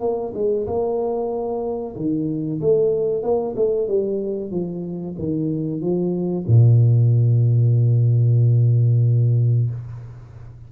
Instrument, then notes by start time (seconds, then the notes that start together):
tuba
0.00 A#3
0.34 G#3
0.67 A#3
1.96 D#3
2.61 A3
3.23 A#3
3.56 A3
3.88 G3
4.51 F3
5.18 D#3
5.81 F3
6.47 A#2